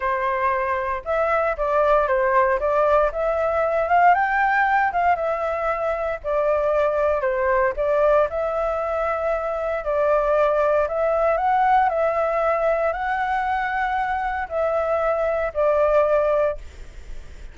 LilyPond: \new Staff \with { instrumentName = "flute" } { \time 4/4 \tempo 4 = 116 c''2 e''4 d''4 | c''4 d''4 e''4. f''8 | g''4. f''8 e''2 | d''2 c''4 d''4 |
e''2. d''4~ | d''4 e''4 fis''4 e''4~ | e''4 fis''2. | e''2 d''2 | }